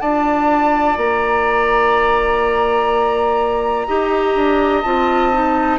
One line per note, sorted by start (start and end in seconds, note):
0.00 0.97 D4
0.00 3.87 F4
0.00 3.87 D5
0.00 0.97 A5
0.97 3.87 A#3
0.97 4.82 A#5
3.87 4.35 D#4
3.87 4.84 G4
3.87 5.79 D#5
4.35 4.84 D4
4.82 5.79 C4
4.82 5.32 F4
4.82 5.78 A5
5.32 5.79 D#4